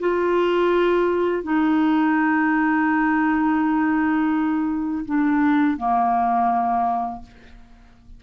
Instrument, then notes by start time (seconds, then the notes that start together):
clarinet
0.00 F4
1.44 D#4
5.06 D4
5.77 A#3